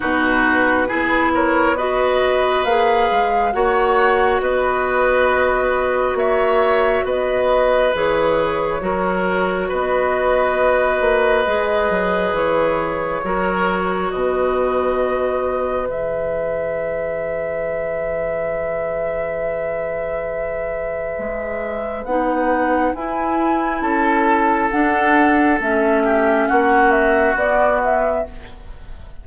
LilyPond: <<
  \new Staff \with { instrumentName = "flute" } { \time 4/4 \tempo 4 = 68 b'4. cis''8 dis''4 f''4 | fis''4 dis''2 e''4 | dis''4 cis''2 dis''4~ | dis''2 cis''2 |
dis''2 e''2~ | e''1~ | e''4 fis''4 gis''4 a''4 | fis''4 e''4 fis''8 e''8 d''8 e''8 | }
  \new Staff \with { instrumentName = "oboe" } { \time 4/4 fis'4 gis'8 ais'8 b'2 | cis''4 b'2 cis''4 | b'2 ais'4 b'4~ | b'2. ais'4 |
b'1~ | b'1~ | b'2. a'4~ | a'4. g'8 fis'2 | }
  \new Staff \with { instrumentName = "clarinet" } { \time 4/4 dis'4 e'4 fis'4 gis'4 | fis'1~ | fis'4 gis'4 fis'2~ | fis'4 gis'2 fis'4~ |
fis'2 gis'2~ | gis'1~ | gis'4 dis'4 e'2 | d'4 cis'2 b4 | }
  \new Staff \with { instrumentName = "bassoon" } { \time 4/4 b,4 b2 ais8 gis8 | ais4 b2 ais4 | b4 e4 fis4 b4~ | b8 ais8 gis8 fis8 e4 fis4 |
b,2 e2~ | e1 | gis4 b4 e'4 cis'4 | d'4 a4 ais4 b4 | }
>>